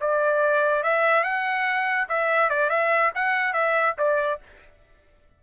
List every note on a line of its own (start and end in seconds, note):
0.00 0.83 D5
0.83 1.23 E5
1.23 2.07 F#5
2.08 2.49 E5
2.49 2.69 D5
2.69 3.11 E5
3.14 3.53 F#5
3.53 3.95 E5
3.98 4.40 D5